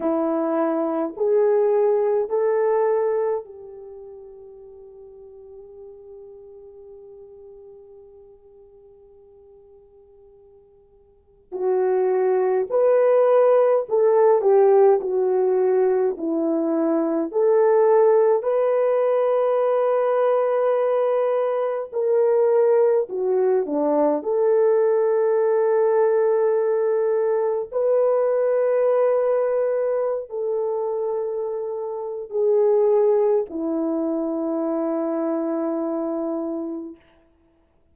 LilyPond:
\new Staff \with { instrumentName = "horn" } { \time 4/4 \tempo 4 = 52 e'4 gis'4 a'4 g'4~ | g'1~ | g'2 fis'4 b'4 | a'8 g'8 fis'4 e'4 a'4 |
b'2. ais'4 | fis'8 d'8 a'2. | b'2~ b'16 a'4.~ a'16 | gis'4 e'2. | }